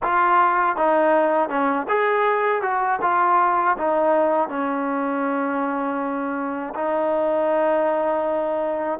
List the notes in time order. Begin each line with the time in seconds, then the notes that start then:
0.02 F4
0.76 D#4
1.49 C#4
1.88 G#4
2.61 F#4
3.01 F4
3.77 D#4
4.49 C#4
6.75 D#4